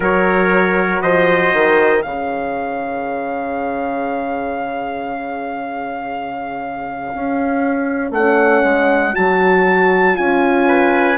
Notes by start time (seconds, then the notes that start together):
0.00 F#3 F#4 A#4 C#5
1.01 F3 C5 D#5
1.53 D#3
2.01 C#3 G#4 C#5 F5
7.14 C#4
8.11 A3 C#4 F#5
8.63 G#3
9.13 F#3 F#4 A5
10.14 C#4 F4 G#5
10.67 B4